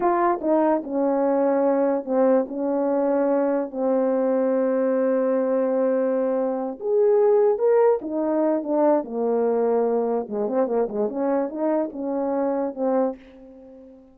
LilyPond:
\new Staff \with { instrumentName = "horn" } { \time 4/4 \tempo 4 = 146 f'4 dis'4 cis'2~ | cis'4 c'4 cis'2~ | cis'4 c'2.~ | c'1~ |
c'8 gis'2 ais'4 dis'8~ | dis'4 d'4 ais2~ | ais4 gis8 c'8 ais8 gis8 cis'4 | dis'4 cis'2 c'4 | }